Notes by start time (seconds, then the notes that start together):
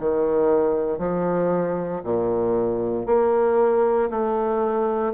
0.00 D#3
0.99 F3
2.04 A#2
3.07 A#3
4.11 A3